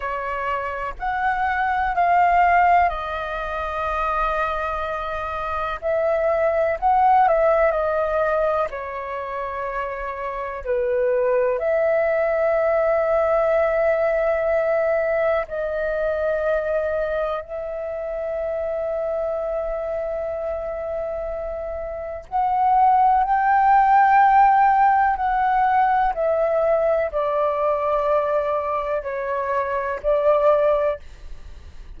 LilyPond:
\new Staff \with { instrumentName = "flute" } { \time 4/4 \tempo 4 = 62 cis''4 fis''4 f''4 dis''4~ | dis''2 e''4 fis''8 e''8 | dis''4 cis''2 b'4 | e''1 |
dis''2 e''2~ | e''2. fis''4 | g''2 fis''4 e''4 | d''2 cis''4 d''4 | }